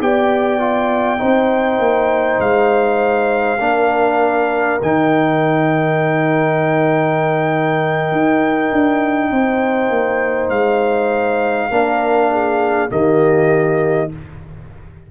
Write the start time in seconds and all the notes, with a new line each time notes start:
0.00 B3 G4 D5 G5
0.59 F4
1.18 C4 D#4 C5
1.79 A#3
2.39 G#3 F5
3.59 A#3 D4 A#4
4.82 D#3 D#4 G5
8.12 D#4
8.72 D4
9.31 C4 C5
9.90 A#3
10.50 G#3 F5
11.70 A#3 D4 A#4
12.31 G#4
12.89 D#3 A#3 G4 D#5